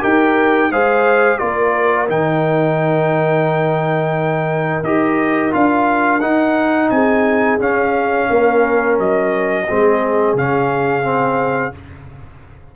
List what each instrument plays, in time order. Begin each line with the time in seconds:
0.00 tuba D#4, trombone G4, horn A#4, trumpet G5
0.71 tuba G#3, trombone G#4, horn C5, trumpet F5
1.38 tuba A#3, trombone F4, horn A#4, trumpet D5
2.07 tuba D#3, trombone D#4, trumpet G5
4.83 tuba D#4, trombone G4, trumpet D#5
5.51 tuba D4, trombone F4, trumpet F5
6.20 tuba D#4, trombone D#4, trumpet F#5
6.90 tuba C4, horn G#4, trumpet G#5
7.59 tuba C#4, trombone C#4, trumpet F5
8.29 tuba A#3, horn A#4
8.98 tuba F#3, trumpet D#5
9.67 tuba G#3, trombone C4, horn G#4
10.34 tuba C#3, trombone C#4, trumpet F5
11.03 trombone C4